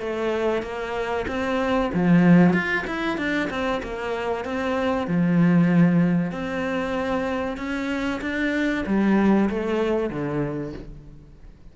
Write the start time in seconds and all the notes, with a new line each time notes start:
0.00 A3
0.63 A#3
1.28 C4
1.94 F3
2.53 F4
2.87 E4
3.18 D4
3.50 C4
3.83 A#3
4.45 C4
5.08 F3
6.32 C4
7.58 C#4
8.22 D4
8.87 G3
9.50 A3
10.11 D3